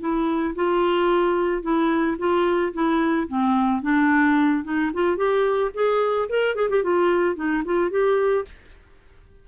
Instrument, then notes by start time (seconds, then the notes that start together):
clarinet
0.00 E4
0.55 F4
1.62 E4
2.18 F4
2.73 E4
3.28 C4
3.82 D4
4.64 D#4
4.94 F4
5.17 G4
5.74 G#4
6.29 A#4
6.56 G#4
6.70 G4
6.83 F4
7.36 D#4
7.65 F4
7.90 G4